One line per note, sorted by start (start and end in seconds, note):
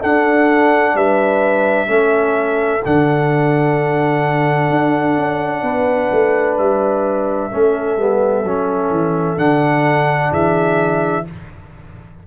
0.00 1.87 D4
0.00 0.94 D4
0.00 0.94 A4
0.00 0.96 F#5
0.94 1.88 G3
0.94 1.88 B4
0.94 2.83 E5
1.87 2.81 A3
1.87 2.80 C#4
1.87 5.63 A4
2.85 4.70 D3
2.85 7.51 D4
2.85 6.57 F#5
4.70 5.17 D4
5.17 5.62 C#4
5.62 6.09 B3
5.62 7.51 B4
6.11 6.58 A3
6.57 7.52 G3
6.57 9.38 E5
7.51 7.97 A3
7.51 7.97 C#4
7.51 10.30 A4
7.97 8.43 G3
7.97 8.44 B3
8.43 8.90 F#3
8.43 9.37 C#4
8.90 9.37 E3
9.37 10.31 D3
9.37 11.24 D4
9.37 10.32 F#5
10.30 11.25 E3
10.30 11.24 G#4
10.30 11.27 E5